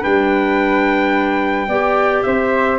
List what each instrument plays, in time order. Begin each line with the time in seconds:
0.00 tuba G3, clarinet D4, flute B4, trumpet G5
1.68 tuba B3, clarinet G4, flute D5
2.23 tuba C4, flute C5, trumpet E5